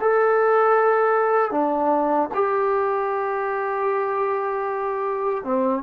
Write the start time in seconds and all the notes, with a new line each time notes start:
0.00 A4
1.51 D4
2.33 G4
5.44 C4